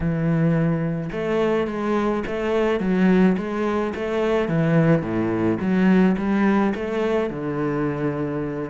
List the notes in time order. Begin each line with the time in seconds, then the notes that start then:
0.00 E3
1.12 A3
1.67 G#3
2.26 A3
2.80 F#3
3.37 G#3
3.95 A3
4.48 E3
5.02 A2
5.59 F#3
6.17 G3
6.74 A3
7.30 D3